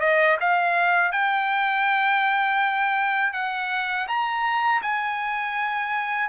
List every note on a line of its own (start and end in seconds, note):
0.00 0.37 D#5
0.40 1.11 F5
1.11 3.32 G5
3.32 4.06 F#5
4.07 4.81 A#5
4.82 6.29 G#5